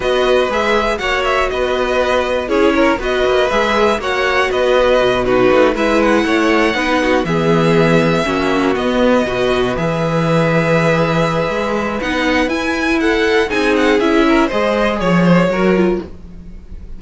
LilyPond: <<
  \new Staff \with { instrumentName = "violin" } { \time 4/4 \tempo 4 = 120 dis''4 e''4 fis''8 e''8 dis''4~ | dis''4 cis''4 dis''4 e''4 | fis''4 dis''4. b'4 e''8 | fis''2~ fis''8 e''4.~ |
e''4. dis''2 e''8~ | e''1 | fis''4 gis''4 fis''4 gis''8 fis''8 | e''4 dis''4 cis''2 | }
  \new Staff \with { instrumentName = "violin" } { \time 4/4 b'2 cis''4 b'4~ | b'4 gis'8 ais'8 b'2 | cis''4 b'4. fis'4 b'8~ | b'8 cis''4 b'8 fis'8 gis'4.~ |
gis'8 fis'2 b'4.~ | b'1~ | b'2 a'4 gis'4~ | gis'8 ais'8 c''4 cis''8 c''8 ais'4 | }
  \new Staff \with { instrumentName = "viola" } { \time 4/4 fis'4 gis'4 fis'2~ | fis'4 e'4 fis'4 gis'4 | fis'2~ fis'8 dis'4 e'8~ | e'4. dis'4 b4.~ |
b8 cis'4 b4 fis'4 gis'8~ | gis'1 | dis'4 e'2 dis'4 | e'4 gis'2 fis'8 f'8 | }
  \new Staff \with { instrumentName = "cello" } { \time 4/4 b4 gis4 ais4 b4~ | b4 cis'4 b8 ais8 gis4 | ais4 b4 b,4 a8 gis8~ | gis8 a4 b4 e4.~ |
e8 ais4 b4 b,4 e8~ | e2. gis4 | b4 e'2 c'4 | cis'4 gis4 f4 fis4 | }
>>